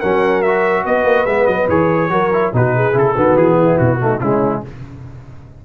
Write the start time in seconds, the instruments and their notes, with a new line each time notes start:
0.00 tuba F#3, trombone C#4, horn A#4, trumpet F#5
0.42 trombone F#4, trumpet E5
0.86 tuba B3, horn B4, trumpet D#5
1.04 tuba A#3
1.26 tuba G#3, trombone B3, trumpet E5
1.47 tuba F#3, trumpet D#5
1.69 tuba E3, trombone G#4, trumpet C#5
2.10 tuba F#3, trombone F#4, horn A#4
2.33 trombone E4
2.53 tuba B2, trombone D#4, horn F#4, trumpet B4
2.76 horn G#4
2.94 tuba C#3, trombone E4, trumpet A4
3.15 tuba D#3, trombone B3, horn F#4
3.36 tuba E3, trumpet G#4
3.59 horn E4
3.78 tuba B2, trumpet F#4
4.00 trombone A3, horn D#4
4.20 tuba C#3, trombone G#3, horn C#4, trumpet E4